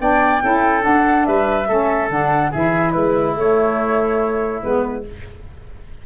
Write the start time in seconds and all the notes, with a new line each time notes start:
0.00 B3 D4 D5 G5
0.43 C#4 E4 A4
0.81 D4 F#5
1.26 G3 B4 E5
1.68 A3 C#4 A4
2.10 D3 D4 F#5
2.51 E3 E4 G#4 E5
2.91 G#3 E4 B4
3.36 A3 C#5
4.63 G#3 B3 B4